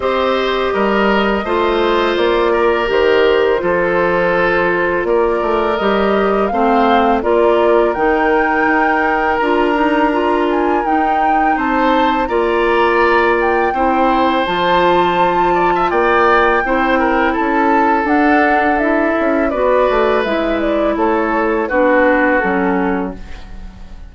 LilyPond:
<<
  \new Staff \with { instrumentName = "flute" } { \time 4/4 \tempo 4 = 83 dis''2. d''4 | c''2. d''4 | dis''4 f''4 d''4 g''4~ | g''4 ais''4. gis''8 g''4 |
a''4 ais''4. g''4. | a''2 g''2 | a''4 fis''4 e''4 d''4 | e''8 d''8 cis''4 b'4 a'4 | }
  \new Staff \with { instrumentName = "oboe" } { \time 4/4 c''4 ais'4 c''4. ais'8~ | ais'4 a'2 ais'4~ | ais'4 c''4 ais'2~ | ais'1 |
c''4 d''2 c''4~ | c''4. d''16 e''16 d''4 c''8 ais'8 | a'2. b'4~ | b'4 a'4 fis'2 | }
  \new Staff \with { instrumentName = "clarinet" } { \time 4/4 g'2 f'2 | g'4 f'2. | g'4 c'4 f'4 dis'4~ | dis'4 f'8 dis'8 f'4 dis'4~ |
dis'4 f'2 e'4 | f'2. e'4~ | e'4 d'4 e'4 fis'4 | e'2 d'4 cis'4 | }
  \new Staff \with { instrumentName = "bassoon" } { \time 4/4 c'4 g4 a4 ais4 | dis4 f2 ais8 a8 | g4 a4 ais4 dis4 | dis'4 d'2 dis'4 |
c'4 ais2 c'4 | f2 ais4 c'4 | cis'4 d'4. cis'8 b8 a8 | gis4 a4 b4 fis4 | }
>>